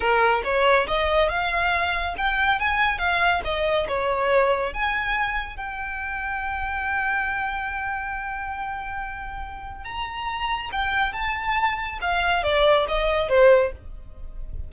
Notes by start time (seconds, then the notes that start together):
0.00 A#4
0.43 C#5
0.87 D#5
1.29 F5
2.17 G5
2.59 G#5
2.98 F5
3.44 D#5
3.88 C#5
4.73 G#5
5.56 G5
9.84 A#5
10.72 G5
11.13 A5
12.01 F5
12.43 D5
12.88 D#5
13.29 C5